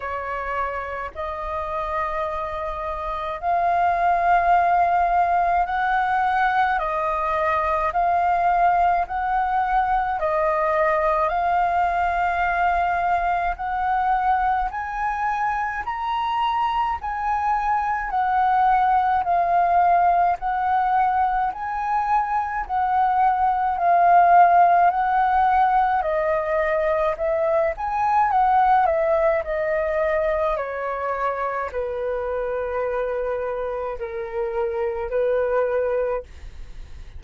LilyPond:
\new Staff \with { instrumentName = "flute" } { \time 4/4 \tempo 4 = 53 cis''4 dis''2 f''4~ | f''4 fis''4 dis''4 f''4 | fis''4 dis''4 f''2 | fis''4 gis''4 ais''4 gis''4 |
fis''4 f''4 fis''4 gis''4 | fis''4 f''4 fis''4 dis''4 | e''8 gis''8 fis''8 e''8 dis''4 cis''4 | b'2 ais'4 b'4 | }